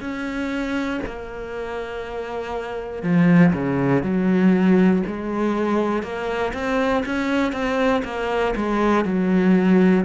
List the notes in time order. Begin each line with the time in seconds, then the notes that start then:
0.00 C#4
1.06 A#3
3.03 F3
3.53 C#3
4.02 F#3
5.06 G#3
6.03 A#3
6.54 C4
7.05 C#4
7.52 C4
8.04 A#3
8.56 G#3
9.04 F#3